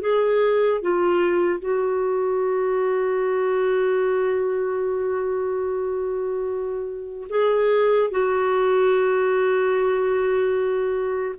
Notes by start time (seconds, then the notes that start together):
0.00 G#4
0.81 F4
1.60 F#4
7.29 G#4
8.10 F#4